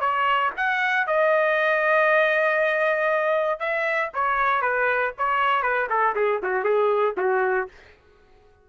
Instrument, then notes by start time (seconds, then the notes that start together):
trumpet
0.00 C#5
0.57 F#5
1.07 D#5
3.59 E5
4.14 C#5
4.62 B4
5.18 C#5
5.62 B4
5.90 A4
6.15 G#4
6.43 F#4
6.64 G#4
7.17 F#4